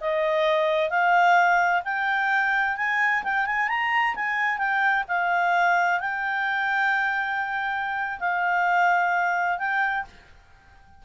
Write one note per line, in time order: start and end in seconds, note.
0.00 0.90 D#5
0.90 1.82 F5
1.84 2.77 G5
2.77 3.23 G#5
3.23 3.46 G5
3.46 3.68 G#5
3.68 4.14 A#5
4.15 4.58 G#5
4.58 5.04 G5
5.08 6.00 F5
6.00 8.19 G5
8.19 9.58 F5
9.58 10.04 G5